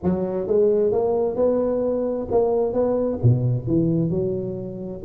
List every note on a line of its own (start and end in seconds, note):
0.03 0.47 F#3
0.47 0.92 G#3
0.92 1.36 A#3
1.36 2.27 B3
2.31 2.73 A#3
2.73 3.19 B3
3.22 3.67 B2
3.67 4.10 E3
4.10 5.01 F#3